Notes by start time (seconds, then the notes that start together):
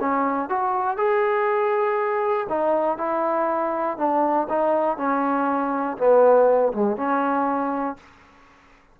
0.00 C#4
0.49 F#4
0.97 G#4
2.49 D#4
2.97 E4
3.97 D4
4.49 D#4
4.97 C#4
5.97 B3
6.73 G#3
6.97 C#4